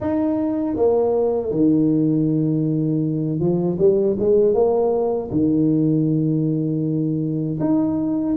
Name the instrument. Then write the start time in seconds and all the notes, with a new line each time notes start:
tuba
0.00 D#4
0.76 A#3
1.51 D#3
3.39 F3
3.78 G3
4.19 G#3
4.54 A#3
5.31 D#3
7.59 D#4